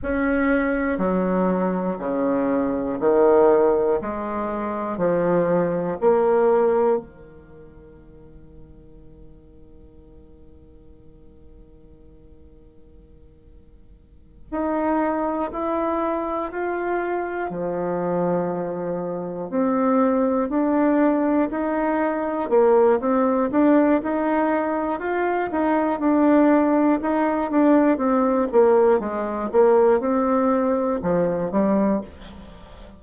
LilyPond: \new Staff \with { instrumentName = "bassoon" } { \time 4/4 \tempo 4 = 60 cis'4 fis4 cis4 dis4 | gis4 f4 ais4 dis4~ | dis1~ | dis2~ dis8 dis'4 e'8~ |
e'8 f'4 f2 c'8~ | c'8 d'4 dis'4 ais8 c'8 d'8 | dis'4 f'8 dis'8 d'4 dis'8 d'8 | c'8 ais8 gis8 ais8 c'4 f8 g8 | }